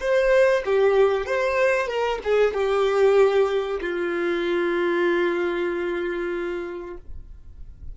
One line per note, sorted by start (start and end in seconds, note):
0.00 0.63 C5
0.65 1.26 G4
1.26 1.87 C5
1.87 2.18 A#4
2.24 2.53 G#4
2.53 3.80 G4
3.81 6.97 F4